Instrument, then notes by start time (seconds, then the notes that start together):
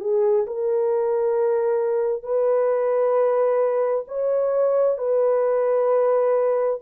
horn
0.00 G#4
0.47 A#4
2.23 B4
4.08 C#5
4.98 B4